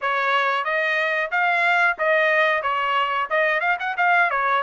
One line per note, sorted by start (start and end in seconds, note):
0.01 0.64 C#5
0.64 1.30 D#5
1.31 1.97 F5
1.98 2.62 D#5
2.62 3.28 C#5
3.30 3.60 D#5
3.60 3.77 F5
3.79 3.96 F#5
3.97 4.30 F5
4.30 4.62 C#5